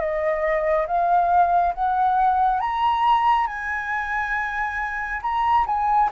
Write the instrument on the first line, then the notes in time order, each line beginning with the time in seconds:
flute
0.00 D#5
0.87 F5
1.74 F#5
2.60 A#5
3.47 G#5
5.22 A#5
5.67 G#5